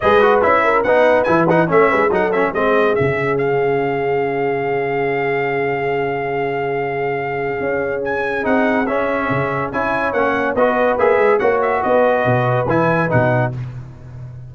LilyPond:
<<
  \new Staff \with { instrumentName = "trumpet" } { \time 4/4 \tempo 4 = 142 dis''4 e''4 fis''4 gis''8 fis''8 | e''4 fis''8 e''8 dis''4 e''4 | f''1~ | f''1~ |
f''2. gis''4 | fis''4 e''2 gis''4 | fis''4 dis''4 e''4 fis''8 e''8 | dis''2 gis''4 fis''4 | }
  \new Staff \with { instrumentName = "horn" } { \time 4/4 b'4. ais'8 b'2 | cis''8 b'8 a'4 gis'2~ | gis'1~ | gis'1~ |
gis'1~ | gis'2. cis''4~ | cis''4 b'2 cis''4 | b'1 | }
  \new Staff \with { instrumentName = "trombone" } { \time 4/4 gis'8 fis'8 e'4 dis'4 e'8 dis'8 | cis'4 dis'8 cis'8 c'4 cis'4~ | cis'1~ | cis'1~ |
cis'1 | dis'4 cis'2 e'4 | cis'4 fis'4 gis'4 fis'4~ | fis'2 e'4 dis'4 | }
  \new Staff \with { instrumentName = "tuba" } { \time 4/4 gis4 cis'4 b4 e4 | a8 gis8 fis4 gis4 cis4~ | cis1~ | cis1~ |
cis2 cis'2 | c'4 cis'4 cis4 cis'4 | ais4 b4 ais8 gis8 ais4 | b4 b,4 e4 b,4 | }
>>